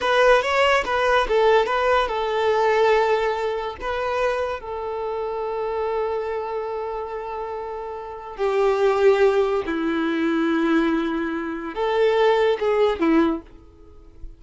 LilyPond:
\new Staff \with { instrumentName = "violin" } { \time 4/4 \tempo 4 = 143 b'4 cis''4 b'4 a'4 | b'4 a'2.~ | a'4 b'2 a'4~ | a'1~ |
a'1 | g'2. e'4~ | e'1 | a'2 gis'4 e'4 | }